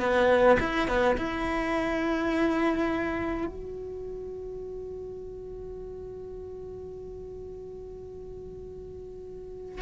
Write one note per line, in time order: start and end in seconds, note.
0.00 0.58 B3
0.59 0.88 E4
0.88 1.16 B3
1.17 3.46 E4
3.46 9.81 F#4